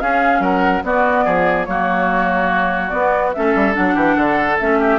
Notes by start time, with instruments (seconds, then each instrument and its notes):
0.00 clarinet C#4, bassoon C#4, oboe G#4, flute F5
0.40 bassoon F#3, oboe A#4, flute F#5
0.84 bassoon B3, clarinet B3, oboe F#4, flute D5
1.24 bassoon F3, oboe G#4
1.65 bassoon F#3, clarinet A#3, oboe F#4, flute C#5
2.89 clarinet B3, bassoon B3, flute D5
3.33 bassoon A3, clarinet C#4, oboe A4, flute E5
3.55 bassoon G3
3.73 bassoon F#3, clarinet D4, flute F#5
3.95 bassoon E3, oboe G4
4.16 bassoon D3, oboe A4
4.59 bassoon A3, clarinet C#4, flute E5
4.79 oboe G4